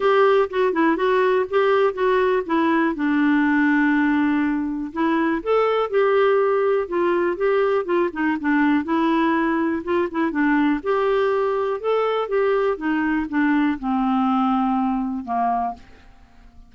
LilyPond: \new Staff \with { instrumentName = "clarinet" } { \time 4/4 \tempo 4 = 122 g'4 fis'8 e'8 fis'4 g'4 | fis'4 e'4 d'2~ | d'2 e'4 a'4 | g'2 f'4 g'4 |
f'8 dis'8 d'4 e'2 | f'8 e'8 d'4 g'2 | a'4 g'4 dis'4 d'4 | c'2. ais4 | }